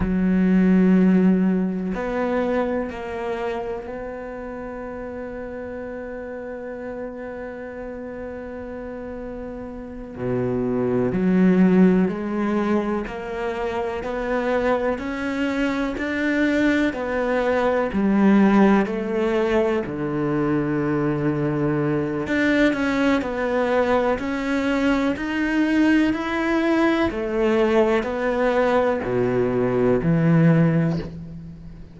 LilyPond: \new Staff \with { instrumentName = "cello" } { \time 4/4 \tempo 4 = 62 fis2 b4 ais4 | b1~ | b2~ b8 b,4 fis8~ | fis8 gis4 ais4 b4 cis'8~ |
cis'8 d'4 b4 g4 a8~ | a8 d2~ d8 d'8 cis'8 | b4 cis'4 dis'4 e'4 | a4 b4 b,4 e4 | }